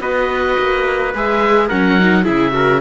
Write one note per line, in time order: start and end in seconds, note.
0.00 0.56 B3
0.00 1.13 F#4
0.00 1.67 B4
0.00 1.13 D#5
0.59 1.14 A#3
1.14 1.70 G#3
1.14 1.71 G#4
1.14 1.69 E5
1.67 2.27 F#3
1.67 1.98 C#4
1.67 2.23 A#4
1.67 2.25 F#5
1.98 2.23 D#4
2.23 2.81 C#3
2.23 2.51 E4
2.23 2.52 G#4
2.23 2.81 E5
2.51 2.79 F#4
2.51 2.81 A#4